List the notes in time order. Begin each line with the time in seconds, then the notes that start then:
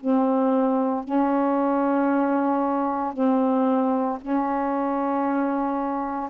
0.00 C4
1.04 C#4
3.13 C4
4.21 C#4